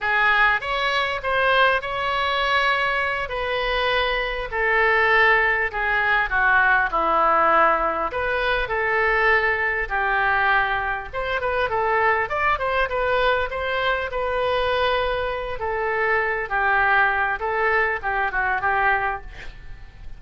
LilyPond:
\new Staff \with { instrumentName = "oboe" } { \time 4/4 \tempo 4 = 100 gis'4 cis''4 c''4 cis''4~ | cis''4. b'2 a'8~ | a'4. gis'4 fis'4 e'8~ | e'4. b'4 a'4.~ |
a'8 g'2 c''8 b'8 a'8~ | a'8 d''8 c''8 b'4 c''4 b'8~ | b'2 a'4. g'8~ | g'4 a'4 g'8 fis'8 g'4 | }